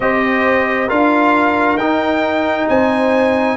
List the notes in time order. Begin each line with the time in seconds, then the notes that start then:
0.00 C4 G4 C5 D#5
0.87 D4 F4 A#4 F5
1.74 D#4 G5
2.68 C4 C5 G#5